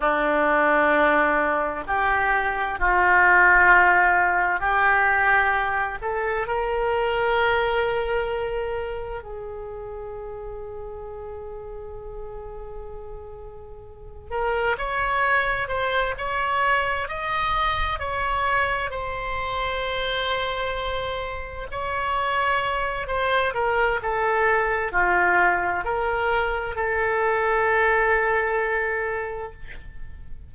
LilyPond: \new Staff \with { instrumentName = "oboe" } { \time 4/4 \tempo 4 = 65 d'2 g'4 f'4~ | f'4 g'4. a'8 ais'4~ | ais'2 gis'2~ | gis'2.~ gis'8 ais'8 |
cis''4 c''8 cis''4 dis''4 cis''8~ | cis''8 c''2. cis''8~ | cis''4 c''8 ais'8 a'4 f'4 | ais'4 a'2. | }